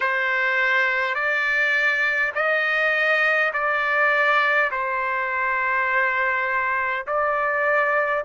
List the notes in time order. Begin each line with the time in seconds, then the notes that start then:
0.00 C5
1.14 D5
2.34 D#5
3.53 D5
4.71 C5
7.06 D5